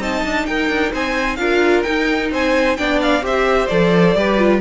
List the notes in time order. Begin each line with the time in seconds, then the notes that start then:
0.00 C4 D#4 D#5 A5
0.25 D4
0.46 D#4 A#4 G5
0.69 D4
0.92 C4 C5 G#5
1.36 D4 F4 A#4 F5
1.83 D#4 G5
2.32 C4 C5 G#5
2.77 B3 D4 D5 G5
3.02 F5
3.22 C4 G4 C5 E5
3.68 F3 A4 D5
4.16 G3 G4 B4
4.38 F4